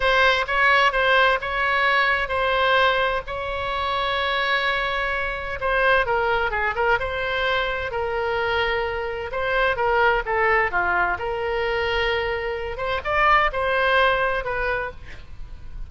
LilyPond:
\new Staff \with { instrumentName = "oboe" } { \time 4/4 \tempo 4 = 129 c''4 cis''4 c''4 cis''4~ | cis''4 c''2 cis''4~ | cis''1 | c''4 ais'4 gis'8 ais'8 c''4~ |
c''4 ais'2. | c''4 ais'4 a'4 f'4 | ais'2.~ ais'8 c''8 | d''4 c''2 b'4 | }